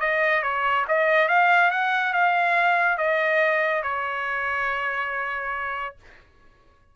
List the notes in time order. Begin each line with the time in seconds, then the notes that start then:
0.00 D#5
0.43 C#5
0.88 D#5
1.28 F5
1.70 F#5
2.13 F5
2.97 D#5
3.83 C#5